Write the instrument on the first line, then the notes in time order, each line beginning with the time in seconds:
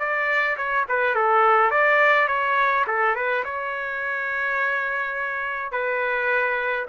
trumpet
0.00 D5
0.58 C#5
0.89 B4
1.15 A4
1.71 D5
2.28 C#5
2.88 A4
3.16 B4
3.45 C#5
5.72 B4